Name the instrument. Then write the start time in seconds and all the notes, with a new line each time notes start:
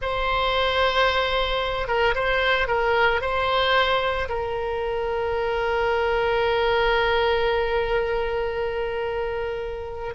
oboe
0.01 C5
1.87 A#4
2.14 C5
2.67 A#4
3.21 C5
4.28 A#4